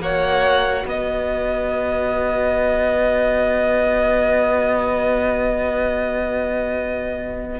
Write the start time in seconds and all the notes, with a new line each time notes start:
0.00 A#3 F#4 C#5 F#5
0.85 B3 B4 D#5